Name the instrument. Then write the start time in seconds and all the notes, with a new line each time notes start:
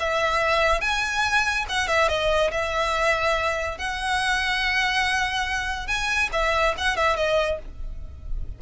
violin
0.00 E5
0.81 G#5
1.69 F#5
1.88 E5
2.09 D#5
2.52 E5
3.78 F#5
5.88 G#5
6.33 E5
6.78 F#5
6.97 E5
7.17 D#5